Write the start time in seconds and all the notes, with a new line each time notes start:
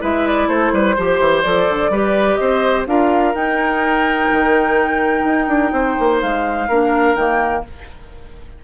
0.00 G#3 E4 B4 E5
0.27 D5
0.48 A3 A4 C5
0.73 G3 B4
0.95 F3 G4 C5
1.19 E3
1.43 F3 A4 D5
1.70 D3
1.89 G3 G4 B4
2.35 C4 C5 D#5
2.87 D4 F4 A#4 F5
3.34 D#4 G5
4.32 D#3
5.24 D#4
5.48 D4
5.72 C4 C5
5.99 A#3
6.20 G#3 F5
6.68 A#3 D4 A#4
7.15 D#3 A#3 G5